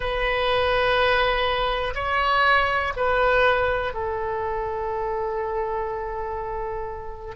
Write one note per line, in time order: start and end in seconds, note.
0.00 1.94 B4
1.94 2.93 C#5
2.96 3.93 B4
3.93 7.35 A4